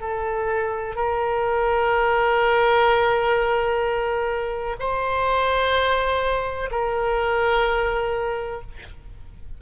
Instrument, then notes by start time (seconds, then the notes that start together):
oboe
0.00 A4
0.95 A#4
4.79 C5
6.71 A#4